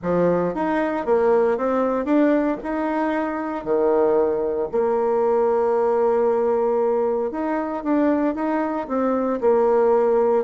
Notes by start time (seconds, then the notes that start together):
0.02 F3
0.54 D#4
1.05 A#3
1.57 C4
2.05 D4
2.63 D#4
3.64 D#3
4.71 A#3
7.31 D#4
7.83 D4
8.35 D#4
8.88 C4
9.40 A#3